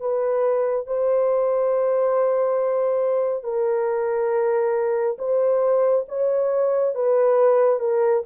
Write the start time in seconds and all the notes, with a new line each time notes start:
0.00 B4
0.87 C5
3.43 A#4
5.18 C5
6.08 C#5
6.94 B4
7.79 A#4